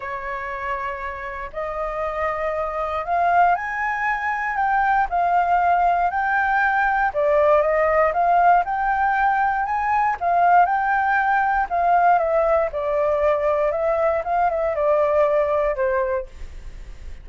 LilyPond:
\new Staff \with { instrumentName = "flute" } { \time 4/4 \tempo 4 = 118 cis''2. dis''4~ | dis''2 f''4 gis''4~ | gis''4 g''4 f''2 | g''2 d''4 dis''4 |
f''4 g''2 gis''4 | f''4 g''2 f''4 | e''4 d''2 e''4 | f''8 e''8 d''2 c''4 | }